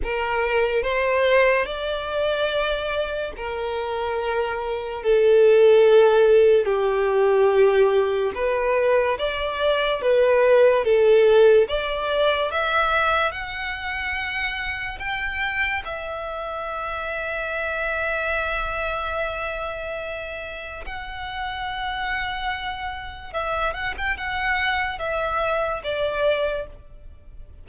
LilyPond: \new Staff \with { instrumentName = "violin" } { \time 4/4 \tempo 4 = 72 ais'4 c''4 d''2 | ais'2 a'2 | g'2 b'4 d''4 | b'4 a'4 d''4 e''4 |
fis''2 g''4 e''4~ | e''1~ | e''4 fis''2. | e''8 fis''16 g''16 fis''4 e''4 d''4 | }